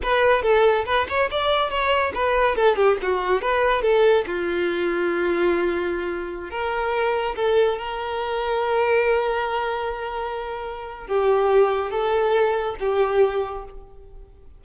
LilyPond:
\new Staff \with { instrumentName = "violin" } { \time 4/4 \tempo 4 = 141 b'4 a'4 b'8 cis''8 d''4 | cis''4 b'4 a'8 g'8 fis'4 | b'4 a'4 f'2~ | f'2.~ f'16 ais'8.~ |
ais'4~ ais'16 a'4 ais'4.~ ais'16~ | ais'1~ | ais'2 g'2 | a'2 g'2 | }